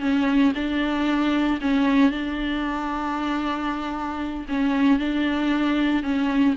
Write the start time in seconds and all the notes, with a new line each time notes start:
0.00 C#4
0.55 D4
1.61 C#4
2.11 D4
4.48 C#4
4.99 D4
6.03 C#4